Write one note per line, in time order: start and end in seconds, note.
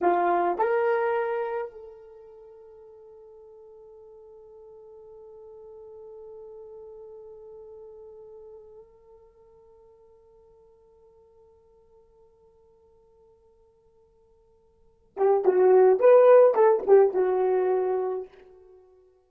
0.01 0.58 F4
0.58 1.71 A#4
1.71 15.14 A4
15.16 15.44 G4
15.44 15.99 F#4
15.99 16.54 B4
16.54 16.83 A4
16.86 17.13 G4
17.13 18.28 F#4